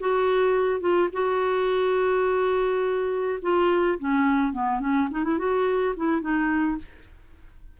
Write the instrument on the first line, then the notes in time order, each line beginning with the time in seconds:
clarinet
0.00 F#4
0.80 F4
1.13 F#4
3.42 F4
3.99 C#4
4.53 B3
4.80 C#4
5.10 D#4
5.24 E4
5.38 F#4
5.96 E4
6.21 D#4